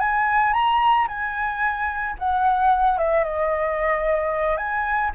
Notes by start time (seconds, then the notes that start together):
0.00 G#5
0.53 A#5
1.08 G#5
2.19 F#5
2.98 E5
3.24 D#5
4.57 G#5